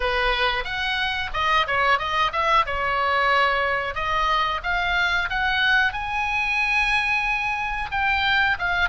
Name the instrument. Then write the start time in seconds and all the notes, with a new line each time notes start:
oboe
0.00 B4
0.64 F#5
1.33 D#5
1.67 C#5
1.98 D#5
2.32 E5
2.66 C#5
3.94 D#5
4.63 F5
5.29 F#5
5.92 G#5
7.91 G5
8.58 F5